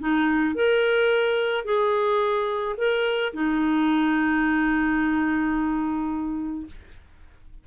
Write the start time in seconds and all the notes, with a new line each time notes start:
0.00 D#4
0.56 A#4
1.65 G#4
2.78 A#4
3.34 D#4